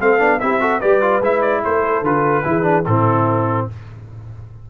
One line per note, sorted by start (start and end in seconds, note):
0.00 0.20 A3
0.00 0.19 C4
0.00 0.41 A4
0.00 0.40 F5
0.19 0.40 B3
0.19 0.39 D4
0.40 0.82 C4
0.40 0.60 E4
0.40 0.61 G4
0.40 0.80 E5
0.60 0.80 F#4
0.60 0.80 A4
0.80 1.20 G3
0.80 1.01 G4
0.80 1.61 B4
0.80 1.21 D5
1.01 1.22 F4
1.20 1.61 G#3
1.20 2.04 E4
1.20 1.41 E5
1.41 1.62 D5
1.63 2.02 A3
1.63 2.45 A4
1.63 2.05 C5
2.02 2.43 D3
2.02 2.44 F4
2.02 2.85 B4
2.44 2.87 E3
2.44 2.62 E4
2.44 2.87 G#4
2.62 2.82 D4
2.85 3.68 A2
2.85 3.70 C4
2.85 3.69 E4
2.85 3.67 A4